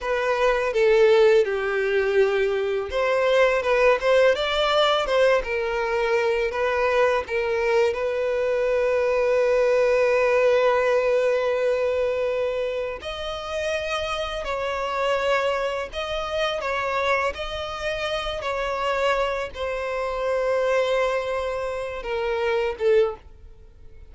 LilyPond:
\new Staff \with { instrumentName = "violin" } { \time 4/4 \tempo 4 = 83 b'4 a'4 g'2 | c''4 b'8 c''8 d''4 c''8 ais'8~ | ais'4 b'4 ais'4 b'4~ | b'1~ |
b'2 dis''2 | cis''2 dis''4 cis''4 | dis''4. cis''4. c''4~ | c''2~ c''8 ais'4 a'8 | }